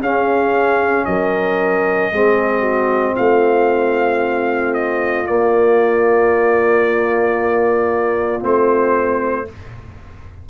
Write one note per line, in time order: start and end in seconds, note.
0.00 1.05 C#4
0.00 2.12 C#4
0.00 1.05 G#4
0.00 1.05 F5
1.05 2.11 F#3
1.05 2.12 A#4
1.05 3.15 D#5
2.11 3.17 G#3
2.11 5.25 C4
2.11 2.60 G#4
2.60 3.13 F#4
3.15 5.28 A3
3.15 9.46 F4
3.15 4.74 F5
4.74 5.26 D#5
5.25 8.40 A#3
5.25 8.44 A#3
5.25 8.42 D5
8.40 9.49 A3
8.40 9.45 C4
8.40 9.49 C5